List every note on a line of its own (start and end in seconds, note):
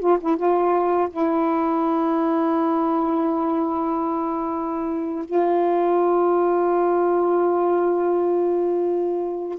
0.00 0.18 F4
0.21 0.37 E4
0.37 1.09 F4
1.11 5.25 E4
5.25 9.59 F4